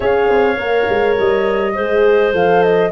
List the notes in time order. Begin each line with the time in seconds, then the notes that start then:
0.00 C#4 G#4 C#5 F5
0.29 C4
0.56 A#3 A#4
0.89 G#3
1.17 G3 D#5
1.74 G#3 G#4 C5
2.32 F3 A4 F5
2.62 D#5